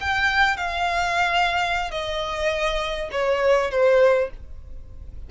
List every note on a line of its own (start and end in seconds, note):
0.00 0.57 G5
0.57 1.90 F5
1.91 3.09 D#5
3.11 3.70 C#5
3.70 4.30 C5